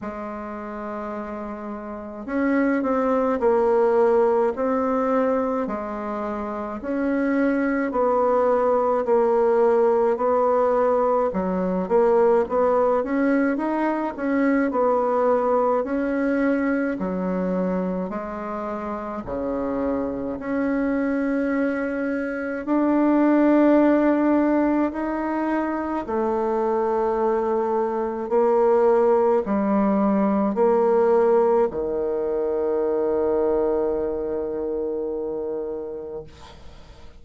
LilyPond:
\new Staff \with { instrumentName = "bassoon" } { \time 4/4 \tempo 4 = 53 gis2 cis'8 c'8 ais4 | c'4 gis4 cis'4 b4 | ais4 b4 fis8 ais8 b8 cis'8 | dis'8 cis'8 b4 cis'4 fis4 |
gis4 cis4 cis'2 | d'2 dis'4 a4~ | a4 ais4 g4 ais4 | dis1 | }